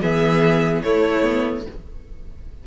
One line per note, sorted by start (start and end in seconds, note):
0.00 0.83 E3
0.00 0.84 B3
0.00 0.82 G#4
0.00 0.82 E5
0.82 1.66 A3
0.82 1.22 A3
0.82 1.67 E4
0.82 1.64 C#5
1.22 1.64 B3